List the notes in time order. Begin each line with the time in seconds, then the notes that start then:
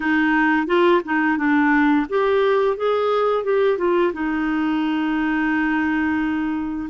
0.00 D#4
0.66 F4
1.05 D#4
1.37 D4
2.09 G4
2.76 G#4
3.44 G4
3.77 F4
4.13 D#4